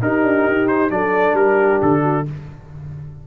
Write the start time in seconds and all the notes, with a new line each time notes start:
0.00 D#4 G4 A#4
0.23 D4
0.46 D#4
0.67 C5
0.89 F#3 D4 A4 D5
1.33 G3 G4 A#4
1.81 D3 A4
2.01 F#4